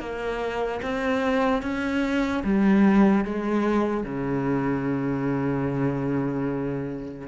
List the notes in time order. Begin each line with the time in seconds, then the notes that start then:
0.00 A#3
0.83 C4
1.63 C#4
2.44 G3
3.25 G#3
4.04 C#3